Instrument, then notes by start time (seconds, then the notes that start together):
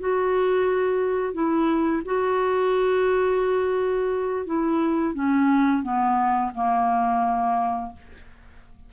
clarinet
0.00 F#4
1.34 E4
2.06 F#4
4.46 E4
5.15 C#4
5.83 B3
6.55 A#3